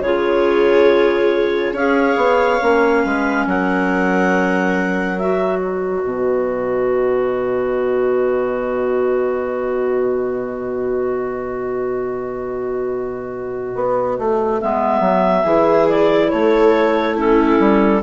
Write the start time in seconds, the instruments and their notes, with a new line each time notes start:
0.00 bassoon C#3, clarinet F4 C#5, viola G#4
1.72 bassoon C#4, clarinet G#4 F5, viola C#5
2.16 bassoon B3
2.60 bassoon A#3, clarinet C#4
3.04 bassoon G#3, viola B4
3.46 bassoon F#3, viola A#4, clarinet F#5
5.18 clarinet F#4 E5
5.58 viola B4, clarinet D#5
6.04 bassoon B2
13.75 bassoon B3
14.18 bassoon A3
14.60 bassoon G#3, clarinet B3 E5
15.00 bassoon F#3
15.43 bassoon E3, clarinet E4, viola G#4
15.89 clarinet D5
16.29 bassoon A3, viola A4, clarinet C#5
17.14 clarinet C#4 A4, viola E4
17.59 bassoon G3